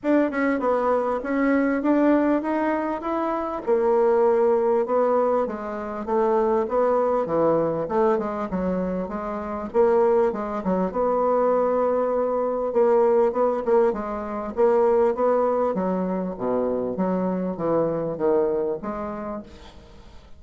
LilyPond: \new Staff \with { instrumentName = "bassoon" } { \time 4/4 \tempo 4 = 99 d'8 cis'8 b4 cis'4 d'4 | dis'4 e'4 ais2 | b4 gis4 a4 b4 | e4 a8 gis8 fis4 gis4 |
ais4 gis8 fis8 b2~ | b4 ais4 b8 ais8 gis4 | ais4 b4 fis4 b,4 | fis4 e4 dis4 gis4 | }